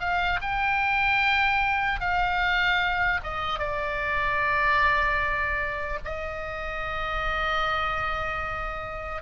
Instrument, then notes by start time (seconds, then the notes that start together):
oboe
0.00 F5
0.42 G5
2.00 F5
3.24 D#5
3.60 D5
6.05 D#5